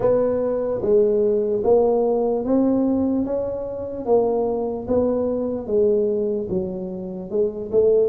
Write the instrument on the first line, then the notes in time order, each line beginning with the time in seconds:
tuba
0.00 B3
0.81 G#3
1.64 A#3
2.44 C4
3.24 C#4
4.05 A#3
4.87 B3
5.66 G#3
6.49 F#3
7.30 G#3
7.71 A3